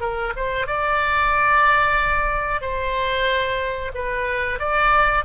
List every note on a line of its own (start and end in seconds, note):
0.00 0.33 A#4
0.36 0.67 C5
0.67 2.61 D5
2.61 3.92 C5
3.94 4.59 B4
4.59 5.24 D5